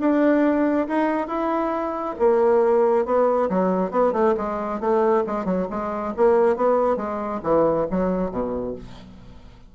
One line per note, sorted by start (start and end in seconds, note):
0.00 0.88 D4
0.88 1.28 D#4
1.28 2.15 E4
2.19 3.06 A#3
3.06 3.49 B3
3.50 3.91 F#3
3.91 4.13 B3
4.13 4.35 A3
4.37 4.80 G#3
4.80 5.24 A3
5.27 5.45 G#3
5.45 5.67 F#3
5.70 6.14 G#3
6.17 6.57 A#3
6.57 6.97 B3
6.97 7.41 G#3
7.43 7.87 E3
7.91 8.31 F#3
8.31 8.75 B2